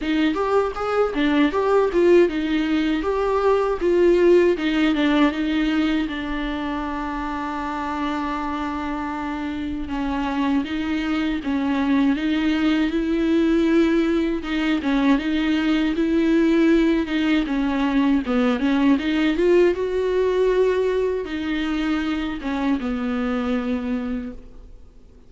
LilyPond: \new Staff \with { instrumentName = "viola" } { \time 4/4 \tempo 4 = 79 dis'8 g'8 gis'8 d'8 g'8 f'8 dis'4 | g'4 f'4 dis'8 d'8 dis'4 | d'1~ | d'4 cis'4 dis'4 cis'4 |
dis'4 e'2 dis'8 cis'8 | dis'4 e'4. dis'8 cis'4 | b8 cis'8 dis'8 f'8 fis'2 | dis'4. cis'8 b2 | }